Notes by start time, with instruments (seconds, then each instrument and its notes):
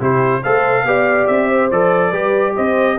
0.00 tuba C3, trombone E4, horn G4, trumpet C5
0.43 tuba A3, trombone A4, horn C5, trumpet F5
0.84 tuba B3, trombone G4, horn D5
1.27 tuba C4, trumpet E5
1.49 horn C5
1.71 tuba F3, trombone A4, trumpet D5
2.11 tuba G3, trombone G4, horn B4
2.55 tuba C4, horn C5, trumpet D#5